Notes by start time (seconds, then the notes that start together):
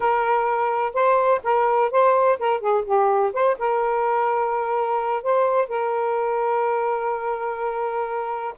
0.00 A#4
0.93 C5
1.43 A#4
1.91 C5
2.39 A#4
2.60 G#4
2.84 G4
3.33 C5
3.58 A#4
5.23 C5
5.68 A#4